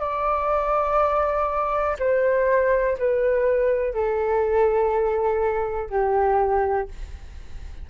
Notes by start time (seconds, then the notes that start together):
0.00 D5
1.99 C5
2.98 B4
3.94 A4
5.90 G4